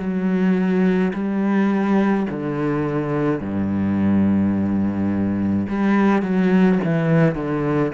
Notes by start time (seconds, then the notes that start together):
0.00 F#3
1.14 G3
2.31 D3
3.41 G2
5.69 G3
6.23 F#3
6.84 E3
7.35 D3